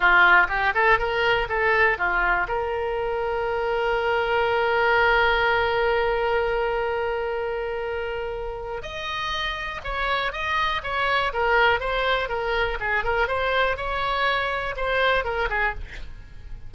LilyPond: \new Staff \with { instrumentName = "oboe" } { \time 4/4 \tempo 4 = 122 f'4 g'8 a'8 ais'4 a'4 | f'4 ais'2.~ | ais'1~ | ais'1~ |
ais'2 dis''2 | cis''4 dis''4 cis''4 ais'4 | c''4 ais'4 gis'8 ais'8 c''4 | cis''2 c''4 ais'8 gis'8 | }